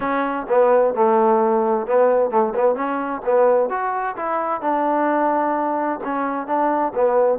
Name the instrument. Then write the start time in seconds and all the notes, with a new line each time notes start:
trombone
0.00 C#4
0.48 B3
0.94 A3
1.86 B3
2.30 A3
2.55 B3
2.75 C#4
3.25 B3
3.69 F#4
4.16 E4
4.61 D4
6.04 C#4
6.46 D4
6.94 B3